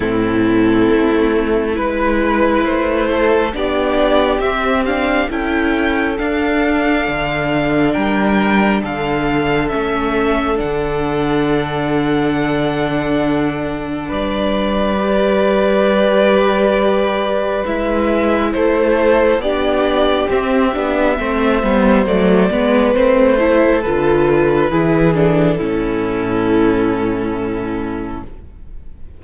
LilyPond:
<<
  \new Staff \with { instrumentName = "violin" } { \time 4/4 \tempo 4 = 68 a'2 b'4 c''4 | d''4 e''8 f''8 g''4 f''4~ | f''4 g''4 f''4 e''4 | fis''1 |
d''1 | e''4 c''4 d''4 e''4~ | e''4 d''4 c''4 b'4~ | b'8 a'2.~ a'8 | }
  \new Staff \with { instrumentName = "violin" } { \time 4/4 e'2 b'4. a'8 | g'2 a'2~ | a'4 ais'4 a'2~ | a'1 |
b'1~ | b'4 a'4 g'2 | c''4. b'4 a'4. | gis'4 e'2. | }
  \new Staff \with { instrumentName = "viola" } { \time 4/4 c'2 e'2 | d'4 c'8 d'8 e'4 d'4~ | d'2. cis'4 | d'1~ |
d'4 g'2. | e'2 d'4 c'8 d'8 | c'8 b8 a8 b8 c'8 e'8 f'4 | e'8 d'8 cis'2. | }
  \new Staff \with { instrumentName = "cello" } { \time 4/4 a,4 a4 gis4 a4 | b4 c'4 cis'4 d'4 | d4 g4 d4 a4 | d1 |
g1 | gis4 a4 b4 c'8 b8 | a8 g8 fis8 gis8 a4 d4 | e4 a,2. | }
>>